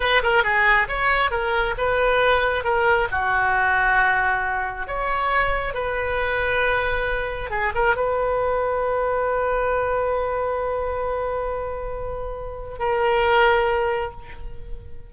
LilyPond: \new Staff \with { instrumentName = "oboe" } { \time 4/4 \tempo 4 = 136 b'8 ais'8 gis'4 cis''4 ais'4 | b'2 ais'4 fis'4~ | fis'2. cis''4~ | cis''4 b'2.~ |
b'4 gis'8 ais'8 b'2~ | b'1~ | b'1~ | b'4 ais'2. | }